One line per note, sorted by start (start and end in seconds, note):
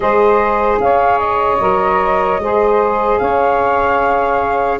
0.00 0.79 G#3
0.00 1.58 G#4
0.00 0.81 C5
0.00 0.77 D#5
0.79 1.59 C#4
0.79 2.42 C#5
0.79 1.19 F5
1.19 3.18 D#5
1.60 2.38 F#3
1.60 2.40 A#4
2.38 3.18 G#3
2.38 4.79 G#4
2.38 3.20 C5
3.18 4.79 C#4
3.18 4.79 C#5
3.18 4.78 F5